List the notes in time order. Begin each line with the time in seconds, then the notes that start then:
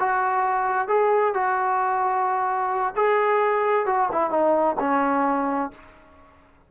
0.00 F#4
0.88 G#4
1.34 F#4
2.97 G#4
3.87 F#4
4.12 E4
4.31 D#4
4.80 C#4